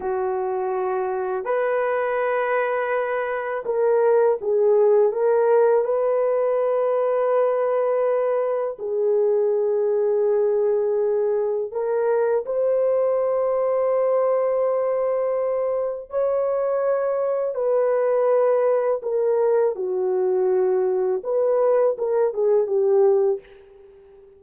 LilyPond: \new Staff \with { instrumentName = "horn" } { \time 4/4 \tempo 4 = 82 fis'2 b'2~ | b'4 ais'4 gis'4 ais'4 | b'1 | gis'1 |
ais'4 c''2.~ | c''2 cis''2 | b'2 ais'4 fis'4~ | fis'4 b'4 ais'8 gis'8 g'4 | }